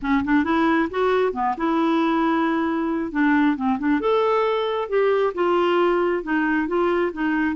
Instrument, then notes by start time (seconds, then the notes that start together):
clarinet
0.02 C#4
0.24 D4
0.44 E4
0.90 F#4
1.33 B3
1.57 E4
3.11 D4
3.56 C4
3.78 D4
4.00 A4
4.88 G4
5.34 F4
6.23 D#4
6.67 F4
7.12 D#4